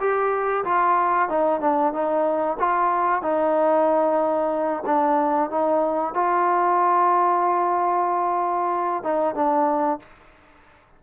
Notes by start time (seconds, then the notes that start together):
0.00 G4
0.65 F4
1.29 D#4
1.61 D4
1.94 D#4
2.60 F4
3.23 D#4
4.86 D4
5.51 D#4
6.15 F4
9.04 D#4
9.35 D4